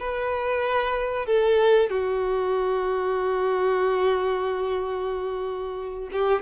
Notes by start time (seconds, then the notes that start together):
0.00 B4
1.26 A4
1.90 F#4
6.12 G4